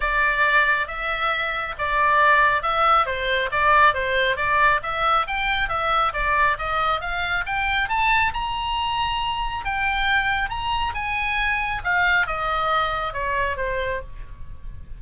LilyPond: \new Staff \with { instrumentName = "oboe" } { \time 4/4 \tempo 4 = 137 d''2 e''2 | d''2 e''4 c''4 | d''4 c''4 d''4 e''4 | g''4 e''4 d''4 dis''4 |
f''4 g''4 a''4 ais''4~ | ais''2 g''2 | ais''4 gis''2 f''4 | dis''2 cis''4 c''4 | }